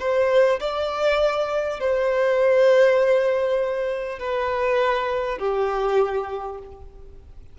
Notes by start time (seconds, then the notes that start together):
0.00 C5
0.61 D5
1.81 C5
4.20 B4
5.39 G4